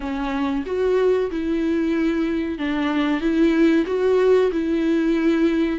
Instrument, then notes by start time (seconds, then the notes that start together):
viola
0.00 C#4
0.66 F#4
1.30 E4
2.58 D4
3.20 E4
3.86 F#4
4.52 E4